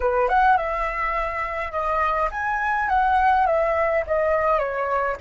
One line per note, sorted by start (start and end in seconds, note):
0.00 0.28 B4
0.28 0.57 F#5
0.57 1.71 E5
1.71 2.29 D#5
2.31 2.88 G#5
2.88 3.46 F#5
3.46 4.04 E5
4.06 4.58 D#5
4.58 5.16 C#5